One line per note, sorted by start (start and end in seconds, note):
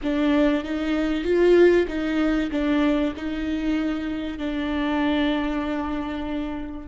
0.02 0.64 D4
0.64 1.23 D#4
1.23 1.86 F4
1.88 2.50 D#4
2.51 3.13 D4
3.16 4.38 D#4
4.38 6.88 D4